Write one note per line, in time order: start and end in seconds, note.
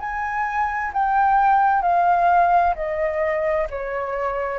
0.00 0.92 G#5
0.93 1.82 G5
1.82 2.74 F5
2.75 3.68 D#5
3.70 4.59 C#5